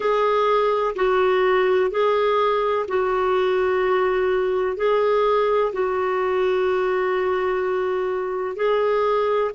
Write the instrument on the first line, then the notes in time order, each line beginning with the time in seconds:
clarinet
0.00 G#4
0.95 F#4
1.90 G#4
2.87 F#4
4.77 G#4
5.72 F#4
8.56 G#4